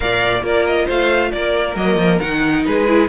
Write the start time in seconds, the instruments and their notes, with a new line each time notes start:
0.00 cello A#2, viola A#4, violin D5 F5
0.41 cello A#3, viola F4, violin A#4 D5
0.66 violin D#5
0.85 cello A3, violin C5 F5
1.31 cello A#3, violin A#4 D5
1.75 cello F#3, viola A#3, violin D#5
1.96 cello F3
2.19 cello D#3, viola D#4, violin F#5
2.65 cello G#3, violin G#4 B4
2.86 viola E4